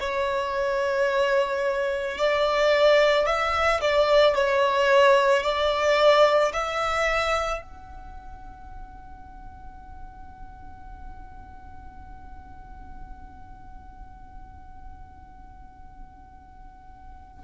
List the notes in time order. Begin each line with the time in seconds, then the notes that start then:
0.00 C#5
2.18 D5
3.26 E5
3.81 D5
4.35 C#5
5.43 D5
6.53 E5
7.62 F#5